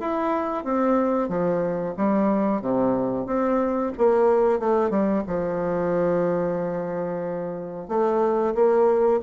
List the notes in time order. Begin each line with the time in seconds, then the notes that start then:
0.00 E4
0.64 C4
1.29 F3
1.97 G3
2.61 C3
3.26 C4
3.97 A#3
4.59 A3
4.90 G3
5.27 F3
7.88 A3
8.54 A#3